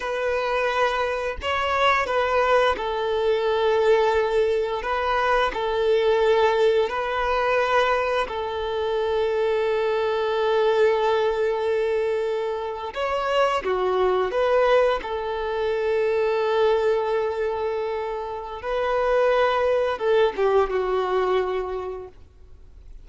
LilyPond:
\new Staff \with { instrumentName = "violin" } { \time 4/4 \tempo 4 = 87 b'2 cis''4 b'4 | a'2. b'4 | a'2 b'2 | a'1~ |
a'2~ a'8. cis''4 fis'16~ | fis'8. b'4 a'2~ a'16~ | a'2. b'4~ | b'4 a'8 g'8 fis'2 | }